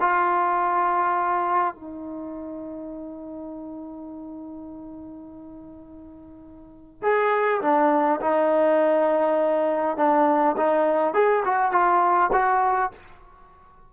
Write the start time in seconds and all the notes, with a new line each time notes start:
0.00 F4
1.74 D#4
7.02 G#4
7.61 D4
8.21 D#4
9.97 D4
10.57 D#4
11.13 G#4
11.44 F#4
11.72 F4
12.32 F#4